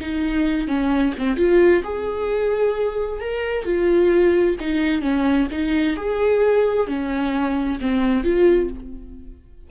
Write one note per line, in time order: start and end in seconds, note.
0.00 0.67 D#4
0.67 1.13 C#4
1.18 1.37 C4
1.37 1.82 F4
1.83 3.20 G#4
3.20 3.65 A#4
3.65 4.56 F4
4.59 5.01 D#4
5.01 5.47 C#4
5.51 5.96 D#4
5.96 6.87 G#4
6.87 7.78 C#4
7.80 8.23 C4
8.23 8.69 F4